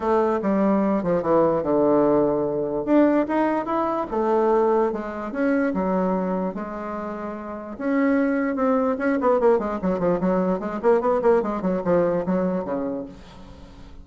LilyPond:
\new Staff \with { instrumentName = "bassoon" } { \time 4/4 \tempo 4 = 147 a4 g4. f8 e4 | d2. d'4 | dis'4 e'4 a2 | gis4 cis'4 fis2 |
gis2. cis'4~ | cis'4 c'4 cis'8 b8 ais8 gis8 | fis8 f8 fis4 gis8 ais8 b8 ais8 | gis8 fis8 f4 fis4 cis4 | }